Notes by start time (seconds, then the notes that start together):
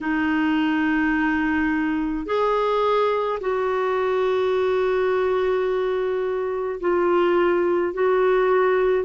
0.00 D#4
2.25 G#4
3.40 F#4
6.80 F4
7.93 F#4